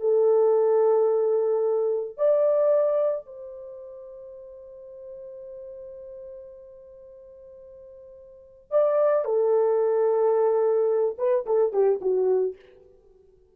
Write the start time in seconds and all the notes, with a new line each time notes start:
0.00 A4
2.17 D5
3.26 C5
8.71 D5
9.25 A4
11.18 B4
11.46 A4
11.72 G4
12.01 F#4